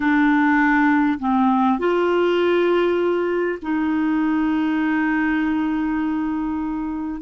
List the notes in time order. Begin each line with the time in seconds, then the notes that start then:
0.00 D4
1.19 C4
1.78 F4
3.62 D#4